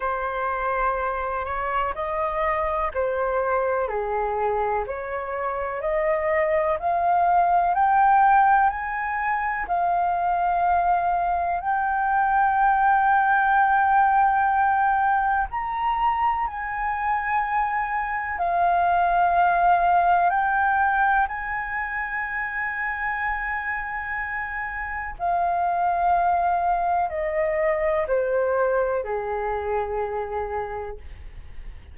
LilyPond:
\new Staff \with { instrumentName = "flute" } { \time 4/4 \tempo 4 = 62 c''4. cis''8 dis''4 c''4 | gis'4 cis''4 dis''4 f''4 | g''4 gis''4 f''2 | g''1 |
ais''4 gis''2 f''4~ | f''4 g''4 gis''2~ | gis''2 f''2 | dis''4 c''4 gis'2 | }